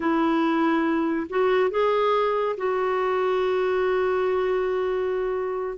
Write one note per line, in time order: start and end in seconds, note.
0.00 1.27 E4
1.29 1.70 F#4
1.70 2.56 G#4
2.57 5.77 F#4